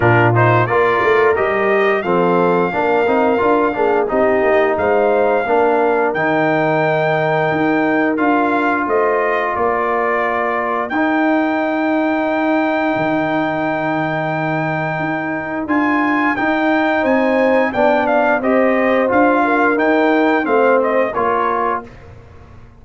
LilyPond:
<<
  \new Staff \with { instrumentName = "trumpet" } { \time 4/4 \tempo 4 = 88 ais'8 c''8 d''4 dis''4 f''4~ | f''2 dis''4 f''4~ | f''4 g''2. | f''4 dis''4 d''2 |
g''1~ | g''2. gis''4 | g''4 gis''4 g''8 f''8 dis''4 | f''4 g''4 f''8 dis''8 cis''4 | }
  \new Staff \with { instrumentName = "horn" } { \time 4/4 f'4 ais'2 a'4 | ais'4. gis'8 g'4 c''4 | ais'1~ | ais'4 c''4 ais'2~ |
ais'1~ | ais'1~ | ais'4 c''4 d''4 c''4~ | c''8 ais'4. c''4 ais'4 | }
  \new Staff \with { instrumentName = "trombone" } { \time 4/4 d'8 dis'8 f'4 g'4 c'4 | d'8 dis'8 f'8 d'8 dis'2 | d'4 dis'2. | f'1 |
dis'1~ | dis'2. f'4 | dis'2 d'4 g'4 | f'4 dis'4 c'4 f'4 | }
  \new Staff \with { instrumentName = "tuba" } { \time 4/4 ais,4 ais8 a8 g4 f4 | ais8 c'8 d'8 ais8 c'8 ais8 gis4 | ais4 dis2 dis'4 | d'4 a4 ais2 |
dis'2. dis4~ | dis2 dis'4 d'4 | dis'4 c'4 b4 c'4 | d'4 dis'4 a4 ais4 | }
>>